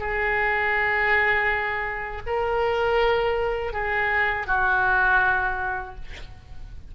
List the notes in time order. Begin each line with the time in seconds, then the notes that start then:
0.00 G#4
2.27 A#4
3.73 G#4
4.47 F#4